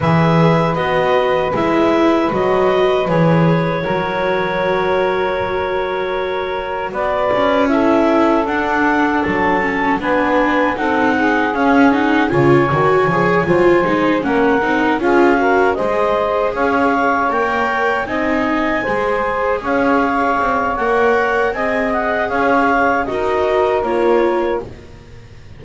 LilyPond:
<<
  \new Staff \with { instrumentName = "clarinet" } { \time 4/4 \tempo 4 = 78 e''4 dis''4 e''4 dis''4 | cis''1~ | cis''4 d''4 e''4 fis''4 | a''4 gis''4 fis''4 f''8 fis''8 |
gis''2~ gis''8 fis''4 f''8~ | f''8 dis''4 f''4 g''4 gis''8~ | gis''4. f''4. fis''4 | gis''8 fis''8 f''4 dis''4 cis''4 | }
  \new Staff \with { instrumentName = "saxophone" } { \time 4/4 b'1~ | b'4 ais'2.~ | ais'4 b'4 a'2~ | a'4 b'4 a'8 gis'4. |
cis''4. c''4 ais'4 gis'8 | ais'8 c''4 cis''2 dis''8~ | dis''8 c''4 cis''2~ cis''8 | dis''4 cis''4 ais'2 | }
  \new Staff \with { instrumentName = "viola" } { \time 4/4 gis'4 fis'4 e'4 fis'4 | gis'4 fis'2.~ | fis'2 e'4 d'4~ | d'8 cis'8 d'4 dis'4 cis'8 dis'8 |
f'8 fis'8 gis'8 f'8 dis'8 cis'8 dis'8 f'8 | fis'8 gis'2 ais'4 dis'8~ | dis'8 gis'2~ gis'8 ais'4 | gis'2 fis'4 f'4 | }
  \new Staff \with { instrumentName = "double bass" } { \time 4/4 e4 b4 gis4 fis4 | e4 fis2.~ | fis4 b8 cis'4. d'4 | fis4 b4 c'4 cis'4 |
cis8 dis8 f8 fis8 gis8 ais8 c'8 cis'8~ | cis'8 gis4 cis'4 ais4 c'8~ | c'8 gis4 cis'4 c'8 ais4 | c'4 cis'4 dis'4 ais4 | }
>>